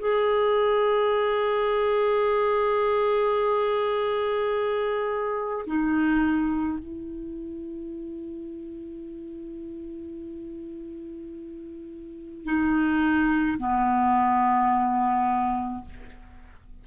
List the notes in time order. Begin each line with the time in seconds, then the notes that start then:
0.00 G#4
5.67 D#4
6.79 E4
12.45 D#4
13.59 B3